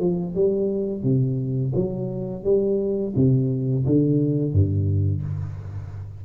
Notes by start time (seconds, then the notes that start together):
0.00 F3
0.35 G3
1.03 C3
1.75 F#3
2.44 G3
3.16 C3
3.86 D3
4.53 G2